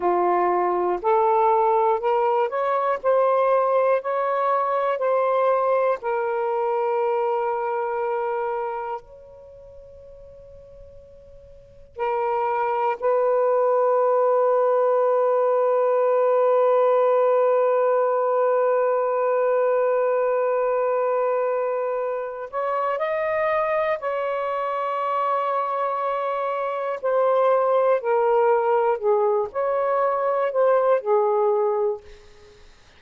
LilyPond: \new Staff \with { instrumentName = "saxophone" } { \time 4/4 \tempo 4 = 60 f'4 a'4 ais'8 cis''8 c''4 | cis''4 c''4 ais'2~ | ais'4 cis''2. | ais'4 b'2.~ |
b'1~ | b'2~ b'8 cis''8 dis''4 | cis''2. c''4 | ais'4 gis'8 cis''4 c''8 gis'4 | }